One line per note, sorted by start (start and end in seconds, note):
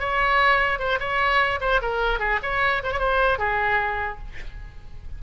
0.00 0.79 C#5
0.79 0.99 C5
1.00 1.60 C#5
1.61 1.81 C5
1.82 2.20 A#4
2.20 2.40 G#4
2.43 2.83 C#5
2.84 2.93 C5
2.93 3.00 C#5
3.00 3.39 C5
3.39 4.19 G#4